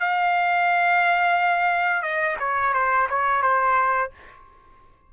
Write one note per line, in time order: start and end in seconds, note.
0.00 2.02 F5
2.02 2.37 D#5
2.39 2.73 C#5
2.73 3.08 C5
3.09 3.42 C#5
3.42 4.11 C5